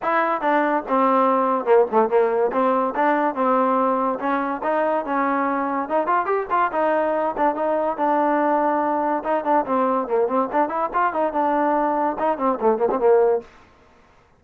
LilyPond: \new Staff \with { instrumentName = "trombone" } { \time 4/4 \tempo 4 = 143 e'4 d'4 c'2 | ais8 a8 ais4 c'4 d'4 | c'2 cis'4 dis'4 | cis'2 dis'8 f'8 g'8 f'8 |
dis'4. d'8 dis'4 d'4~ | d'2 dis'8 d'8 c'4 | ais8 c'8 d'8 e'8 f'8 dis'8 d'4~ | d'4 dis'8 c'8 a8 ais16 c'16 ais4 | }